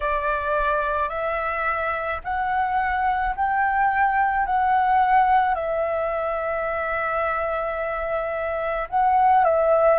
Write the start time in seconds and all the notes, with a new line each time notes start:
0.00 D5
1.09 E5
2.24 F#5
3.35 G5
4.45 F#5
5.55 E5
8.89 F#5
9.44 E5